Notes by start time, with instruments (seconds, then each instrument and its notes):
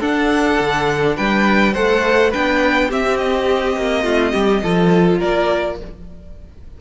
0.00 cello D4, viola D4, violin A4 F#5
0.59 cello D3
1.16 cello G3, violin B4 G5
1.73 cello A3, viola A4, violin C5 F#5
2.30 cello B3, viola D4, violin B4 G5
2.89 viola C4, cello C4, violin G4 E5
3.18 violin D#5
3.76 cello A#3
4.03 cello A3, violin F4
4.32 cello G3, violin G4
4.63 cello F3, viola F4, violin A4
5.19 cello A#3, violin A#4 D5